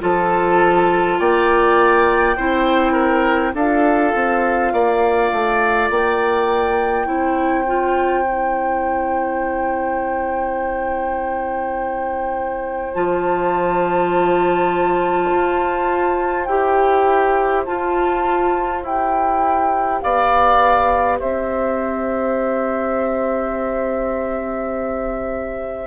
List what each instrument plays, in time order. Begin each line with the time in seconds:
0.00 bassoon F3, clarinet F4, oboe A4, flute A5
1.19 bassoon A#3, oboe D5, flute G5
2.37 bassoon C4, clarinet E4, oboe C5
2.92 oboe A#4
3.53 bassoon D4, clarinet F4, oboe A4, flute F5
4.15 bassoon C4
4.73 bassoon A#3, oboe D5
5.32 bassoon A3
5.90 bassoon A#3, flute G5
7.05 bassoon C4, clarinet E4, oboe C5
7.66 clarinet F4
8.24 clarinet E4
12.93 bassoon F3, clarinet F4, flute A5
15.31 bassoon F4
16.45 bassoon E4, clarinet G4, flute G5
17.65 clarinet F4, bassoon F4, flute A5
18.83 bassoon E4, clarinet G4, flute G5
20.01 bassoon B3, oboe D5, flute F5
21.20 bassoon C4, oboe C5, flute E5